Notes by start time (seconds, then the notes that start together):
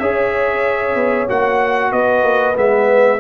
0.00 C#4 G#4 C#5 E5
0.96 B3
1.29 A#3 F#4 F#5
1.92 B3 B4 D#5
2.23 A#3
2.55 G#3 B3 E5